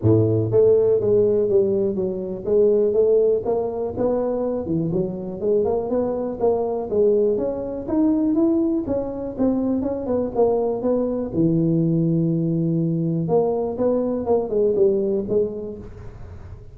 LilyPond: \new Staff \with { instrumentName = "tuba" } { \time 4/4 \tempo 4 = 122 a,4 a4 gis4 g4 | fis4 gis4 a4 ais4 | b4. e8 fis4 gis8 ais8 | b4 ais4 gis4 cis'4 |
dis'4 e'4 cis'4 c'4 | cis'8 b8 ais4 b4 e4~ | e2. ais4 | b4 ais8 gis8 g4 gis4 | }